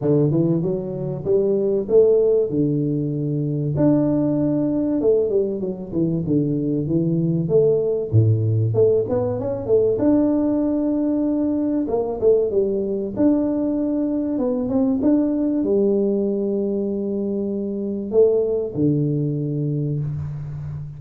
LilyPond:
\new Staff \with { instrumentName = "tuba" } { \time 4/4 \tempo 4 = 96 d8 e8 fis4 g4 a4 | d2 d'2 | a8 g8 fis8 e8 d4 e4 | a4 a,4 a8 b8 cis'8 a8 |
d'2. ais8 a8 | g4 d'2 b8 c'8 | d'4 g2.~ | g4 a4 d2 | }